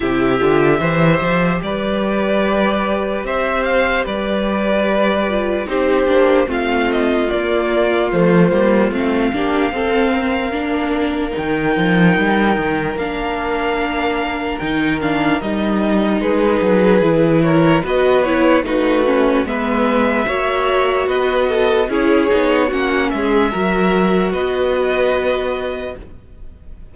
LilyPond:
<<
  \new Staff \with { instrumentName = "violin" } { \time 4/4 \tempo 4 = 74 e''2 d''2 | e''8 f''8 d''2 c''4 | f''8 dis''8 d''4 c''4 f''4~ | f''2 g''2 |
f''2 g''8 f''8 dis''4 | b'4. cis''8 dis''8 cis''8 b'4 | e''2 dis''4 cis''4 | fis''8 e''4. dis''2 | }
  \new Staff \with { instrumentName = "violin" } { \time 4/4 g'4 c''4 b'2 | c''4 b'2 g'4 | f'2.~ f'8 g'8 | a'8 ais'2.~ ais'8~ |
ais'1 | gis'4. ais'8 b'4 fis'4 | b'4 cis''4 b'8 a'8 gis'4 | fis'8 gis'8 ais'4 b'2 | }
  \new Staff \with { instrumentName = "viola" } { \time 4/4 e'8 f'8 g'2.~ | g'2~ g'8 f'8 dis'8 d'8 | c'4 ais4 a8 ais8 c'8 d'8 | c'4 d'4 dis'2 |
d'2 dis'8 d'8 dis'4~ | dis'4 e'4 fis'8 e'8 dis'8 cis'8 | b4 fis'2 e'8 dis'8 | cis'4 fis'2. | }
  \new Staff \with { instrumentName = "cello" } { \time 4/4 c8 d8 e8 f8 g2 | c'4 g2 c'8 ais8 | a4 ais4 f8 g8 a8 ais8 | c'4 ais4 dis8 f8 g8 dis8 |
ais2 dis4 g4 | gis8 fis8 e4 b4 a4 | gis4 ais4 b4 cis'8 b8 | ais8 gis8 fis4 b2 | }
>>